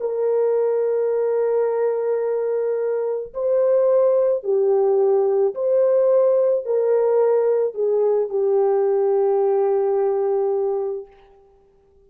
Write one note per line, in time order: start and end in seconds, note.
0.00 3.33 A#4
3.33 4.43 C5
4.43 5.54 G4
5.55 6.65 C5
6.65 7.74 A#4
7.74 8.29 G#4
8.29 11.07 G4